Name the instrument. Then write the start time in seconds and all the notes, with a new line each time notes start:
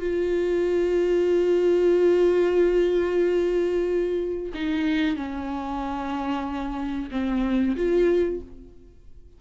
viola
0.00 F4
4.54 D#4
5.16 C#4
7.11 C4
7.76 F4